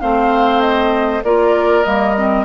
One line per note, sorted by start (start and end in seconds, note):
0.00 1.24 A3
0.00 1.22 C4
0.00 1.24 C5
0.00 0.61 F5
0.61 1.23 D#5
1.24 1.85 A#3
1.24 1.85 F4
1.24 2.46 A#4
1.24 1.84 D5
1.84 2.46 G3
1.84 2.15 A#3
1.84 2.45 D#5
2.18 2.46 C4